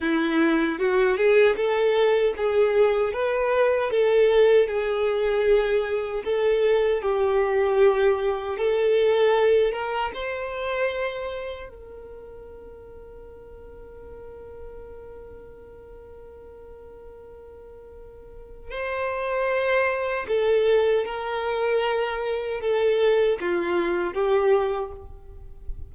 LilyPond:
\new Staff \with { instrumentName = "violin" } { \time 4/4 \tempo 4 = 77 e'4 fis'8 gis'8 a'4 gis'4 | b'4 a'4 gis'2 | a'4 g'2 a'4~ | a'8 ais'8 c''2 ais'4~ |
ais'1~ | ais'1 | c''2 a'4 ais'4~ | ais'4 a'4 f'4 g'4 | }